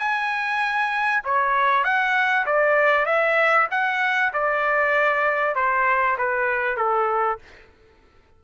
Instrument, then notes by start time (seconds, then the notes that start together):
trumpet
0.00 G#5
1.25 C#5
1.84 F#5
2.47 D5
3.06 E5
3.71 F#5
4.34 D5
5.56 C5
6.19 B4
6.77 A4